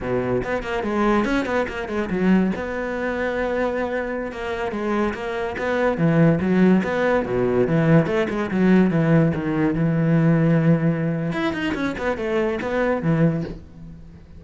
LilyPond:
\new Staff \with { instrumentName = "cello" } { \time 4/4 \tempo 4 = 143 b,4 b8 ais8 gis4 cis'8 b8 | ais8 gis8 fis4 b2~ | b2~ b16 ais4 gis8.~ | gis16 ais4 b4 e4 fis8.~ |
fis16 b4 b,4 e4 a8 gis16~ | gis16 fis4 e4 dis4 e8.~ | e2. e'8 dis'8 | cis'8 b8 a4 b4 e4 | }